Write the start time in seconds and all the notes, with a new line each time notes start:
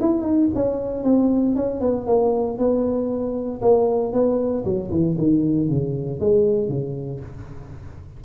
0.00 E4
0.21 D#4
0.55 C#4
1.03 C4
1.55 C#4
1.80 B3
2.06 A#3
2.57 B3
3.61 A#3
4.12 B3
4.64 F#3
4.90 E3
5.17 D#3
5.68 C#3
6.20 G#3
6.68 C#3